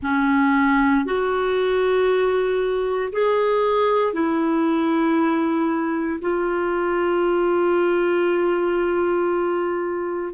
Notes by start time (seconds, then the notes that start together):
0.02 C#4
1.05 F#4
3.12 G#4
4.13 E4
6.21 F4